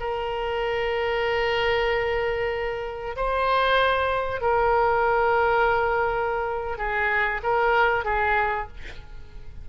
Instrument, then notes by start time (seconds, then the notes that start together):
oboe
0.00 A#4
3.16 C5
4.41 A#4
6.78 G#4
7.43 A#4
8.05 G#4